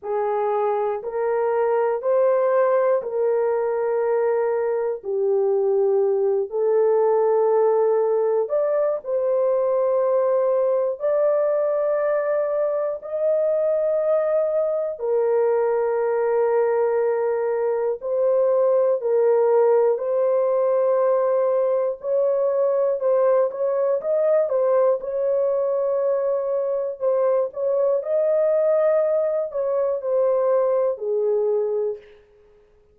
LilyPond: \new Staff \with { instrumentName = "horn" } { \time 4/4 \tempo 4 = 60 gis'4 ais'4 c''4 ais'4~ | ais'4 g'4. a'4.~ | a'8 d''8 c''2 d''4~ | d''4 dis''2 ais'4~ |
ais'2 c''4 ais'4 | c''2 cis''4 c''8 cis''8 | dis''8 c''8 cis''2 c''8 cis''8 | dis''4. cis''8 c''4 gis'4 | }